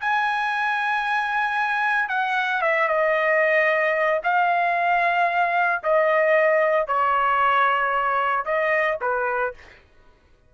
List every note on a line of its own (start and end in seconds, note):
0.00 2.09 G#5
2.09 2.61 F#5
2.61 2.88 E5
2.88 4.20 D#5
4.23 5.82 F5
5.83 6.87 D#5
6.87 8.45 C#5
8.45 8.98 D#5
9.01 9.54 B4